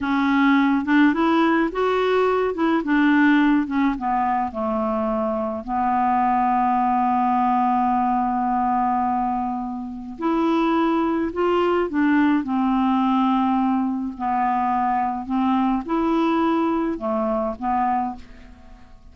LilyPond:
\new Staff \with { instrumentName = "clarinet" } { \time 4/4 \tempo 4 = 106 cis'4. d'8 e'4 fis'4~ | fis'8 e'8 d'4. cis'8 b4 | a2 b2~ | b1~ |
b2 e'2 | f'4 d'4 c'2~ | c'4 b2 c'4 | e'2 a4 b4 | }